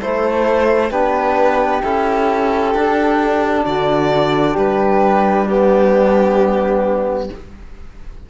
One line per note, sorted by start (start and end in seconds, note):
0.00 0.91 A3
0.00 0.92 E4
0.00 0.91 A4
0.00 0.91 C5
0.91 1.82 B3
0.91 1.83 D4
0.91 3.64 G4
0.91 1.82 B4
1.84 2.75 C#4
1.84 2.75 E4
1.84 3.66 A4
2.75 3.66 D4
2.75 5.48 D4
3.64 4.57 D3
3.64 4.53 F#4
3.64 4.57 D5
4.53 7.30 G3
4.53 5.44 G4
4.53 5.48 B4
5.44 7.30 B3
5.44 7.26 D4
5.44 7.30 G4